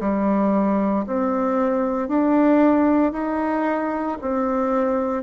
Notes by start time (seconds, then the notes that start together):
0.00 G3
1.06 C4
2.08 D4
3.12 D#4
4.21 C4